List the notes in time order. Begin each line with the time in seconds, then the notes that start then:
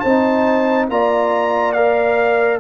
0.00 C4 D#4 C5 A5
0.90 A#3 F4 D5 A#5
1.73 A#4 F5